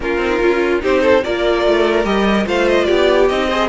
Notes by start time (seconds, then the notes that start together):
0.00 A#3 C#4 F4 A#4
0.17 C4
0.24 D#4
0.41 C#4 F4
0.79 C4 D#4 G4 C5
1.01 A4
1.23 A#3 F4 A#4 D5
1.65 A3
2.04 G3 G4 D#5
2.44 A3 F4 C5 F5
2.68 D#5
2.84 B3 G4 D5
3.28 C4 D#4 D#5
3.48 G#4 C5